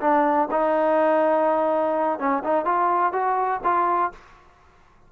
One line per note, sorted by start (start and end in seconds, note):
0.00 0.48 D4
0.51 2.19 D#4
2.19 2.43 C#4
2.43 2.65 D#4
2.65 3.12 F4
3.12 3.60 F#4
3.63 4.11 F4